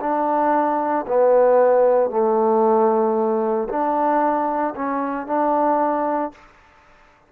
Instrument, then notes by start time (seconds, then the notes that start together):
trombone
0.00 D4
1.07 B3
2.10 A3
3.68 D4
4.75 C#4
5.26 D4